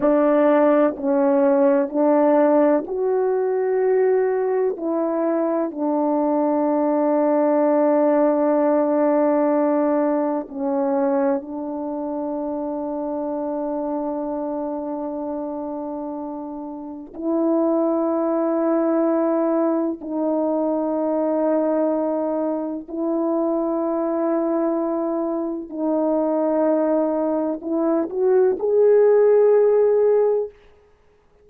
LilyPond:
\new Staff \with { instrumentName = "horn" } { \time 4/4 \tempo 4 = 63 d'4 cis'4 d'4 fis'4~ | fis'4 e'4 d'2~ | d'2. cis'4 | d'1~ |
d'2 e'2~ | e'4 dis'2. | e'2. dis'4~ | dis'4 e'8 fis'8 gis'2 | }